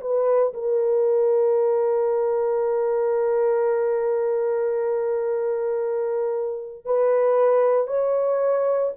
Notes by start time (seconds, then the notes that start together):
0.00 B4
0.53 A#4
6.85 B4
7.87 C#5